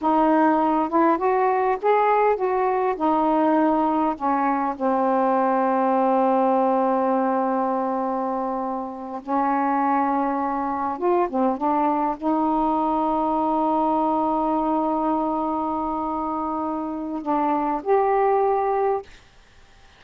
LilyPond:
\new Staff \with { instrumentName = "saxophone" } { \time 4/4 \tempo 4 = 101 dis'4. e'8 fis'4 gis'4 | fis'4 dis'2 cis'4 | c'1~ | c'2.~ c'8 cis'8~ |
cis'2~ cis'8 f'8 c'8 d'8~ | d'8 dis'2.~ dis'8~ | dis'1~ | dis'4 d'4 g'2 | }